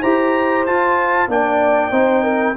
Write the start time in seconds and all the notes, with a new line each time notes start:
0.00 E4 G4 C5 A#5
0.66 F4 A5
1.28 A#3 D4 D5 G5
1.91 C4 D#4 C5
2.23 A#4